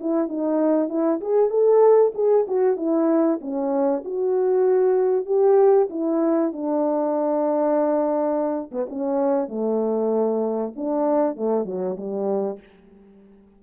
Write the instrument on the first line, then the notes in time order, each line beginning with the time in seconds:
horn
0.00 E4
0.29 D#4
0.89 E4
1.21 G#4
1.50 A4
2.15 G#4
2.47 F#4
2.77 E4
3.41 C#4
4.05 F#4
5.26 G4
5.90 E4
6.52 D4
8.71 B3
8.89 C#4
9.48 A3
10.76 D4
11.36 A3
11.65 F#3
11.97 G3